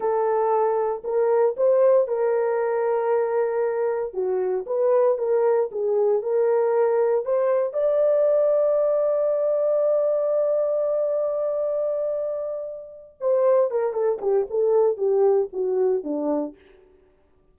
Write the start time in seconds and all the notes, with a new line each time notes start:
0.00 A4
1.03 A#4
1.57 C5
2.07 A#4
4.13 F#4
4.66 B4
5.18 A#4
5.71 G#4
6.22 A#4
7.25 C5
7.73 D5
13.20 C5
13.71 A#4
13.93 A4
14.21 G4
14.50 A4
14.97 G4
15.52 F#4
16.03 D4